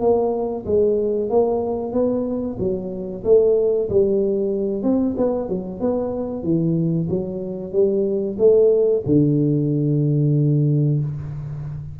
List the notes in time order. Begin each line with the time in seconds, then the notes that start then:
0.00 A#3
0.65 G#3
1.29 A#3
1.92 B3
2.59 F#3
3.24 A3
3.89 G3
4.83 C4
5.17 B3
5.49 F#3
5.80 B3
6.43 E3
7.09 F#3
7.72 G3
8.38 A3
9.06 D3